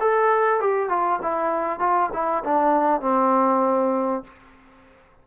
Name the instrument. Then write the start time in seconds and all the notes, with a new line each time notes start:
trombone
0.00 A4
0.60 G4
0.89 F4
1.22 E4
1.79 F4
2.13 E4
2.44 D4
3.01 C4